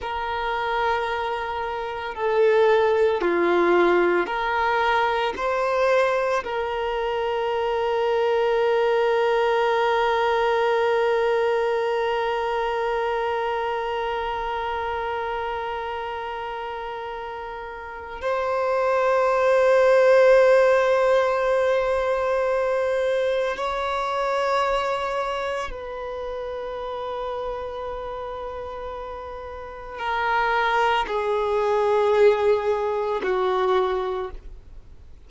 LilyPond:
\new Staff \with { instrumentName = "violin" } { \time 4/4 \tempo 4 = 56 ais'2 a'4 f'4 | ais'4 c''4 ais'2~ | ais'1~ | ais'1~ |
ais'4 c''2.~ | c''2 cis''2 | b'1 | ais'4 gis'2 fis'4 | }